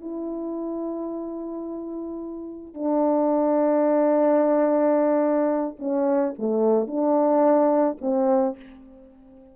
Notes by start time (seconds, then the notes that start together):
0.00 E4
2.74 D4
5.78 C#4
6.38 A3
6.87 D4
8.01 C4